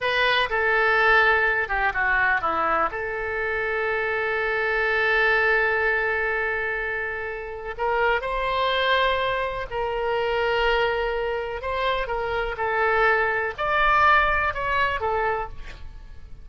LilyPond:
\new Staff \with { instrumentName = "oboe" } { \time 4/4 \tempo 4 = 124 b'4 a'2~ a'8 g'8 | fis'4 e'4 a'2~ | a'1~ | a'1 |
ais'4 c''2. | ais'1 | c''4 ais'4 a'2 | d''2 cis''4 a'4 | }